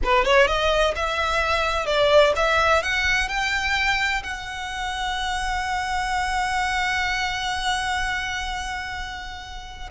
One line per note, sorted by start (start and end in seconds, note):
0.03 0.24 B4
0.24 0.47 C#5
0.47 0.94 D#5
0.95 1.86 E5
1.86 2.33 D5
2.36 2.83 E5
2.83 3.28 F#5
3.28 4.22 G5
4.23 9.90 F#5